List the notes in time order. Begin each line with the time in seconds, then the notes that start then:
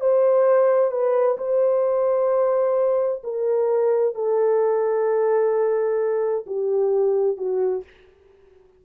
0.00 C5
0.91 B4
1.38 C5
3.23 A#4
4.15 A4
6.46 G4
7.37 F#4